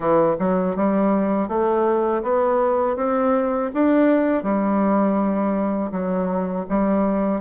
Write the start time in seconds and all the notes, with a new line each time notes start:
0.00 E3
0.39 F#3
0.76 G3
1.48 A3
2.22 B3
2.96 C4
3.73 D4
4.43 G3
5.91 F#3
6.69 G3